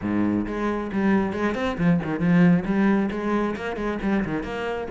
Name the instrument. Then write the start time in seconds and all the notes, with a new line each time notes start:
cello
0.01 G#2
0.46 G#3
0.92 G3
1.33 G#3
1.54 C4
1.77 F3
2.03 D#3
2.19 F3
2.65 G3
3.11 G#3
3.56 A#3
3.76 G#3
4.02 G3
4.24 D#3
4.43 A#3